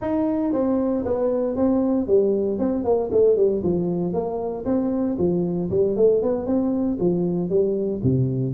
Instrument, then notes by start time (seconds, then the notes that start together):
tuba
0.01 D#4
0.52 C4
1.05 B3
1.55 C4
2.07 G3
2.58 C4
2.84 A#3
3.11 A3
3.36 G3
3.63 F3
4.13 A#3
4.65 C4
5.18 F3
5.70 G3
5.96 A3
6.22 B3
6.46 C4
6.99 F3
7.49 G3
8.03 C3